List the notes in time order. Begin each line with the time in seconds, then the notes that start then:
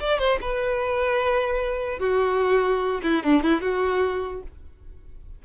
0.00 D5
0.19 C5
0.41 B4
1.99 F#4
3.03 E4
3.23 D4
3.43 E4
3.61 F#4